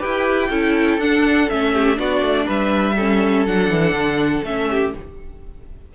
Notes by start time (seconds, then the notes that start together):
0.00 E4 G4 B4 G5
0.50 C#4 E4 A4
0.98 D4 F#5
1.50 A3 C#4 E5
1.74 G4
1.96 B3 D4 F#4 D5
2.22 A3
2.46 G3 B4 E5
2.97 C#4 A4
3.47 F#3 D4 F#5
3.70 E3
3.92 D3
4.44 A3 C#4 E5
4.71 G4